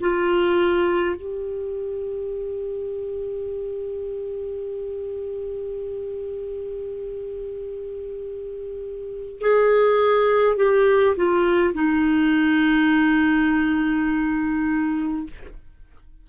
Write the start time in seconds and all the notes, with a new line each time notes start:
0.00 F4
1.16 G4
9.40 G#4
10.57 G4
11.16 F4
11.74 D#4